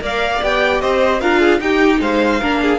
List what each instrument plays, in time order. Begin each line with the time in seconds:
0.00 cello A#3, viola A#4, violin D5 F5
0.42 cello B3, viola G4, violin G5
0.81 cello C4, violin C5 D#5
1.21 cello D4, viola F4, violin A#4 F5
1.40 violin G#4
1.61 cello D#4, viola D#4, violin G4 G5
2.01 cello G#3, violin C5 F5
2.41 cello A#3, viola D4, violin A#4
2.62 violin G#4